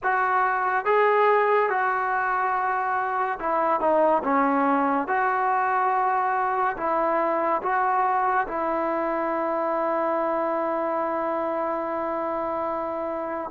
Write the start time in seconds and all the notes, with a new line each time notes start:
0.03 F#4
0.85 G#4
1.69 F#4
3.39 E4
3.80 D#4
4.23 C#4
5.07 F#4
6.76 E4
7.62 F#4
8.47 E4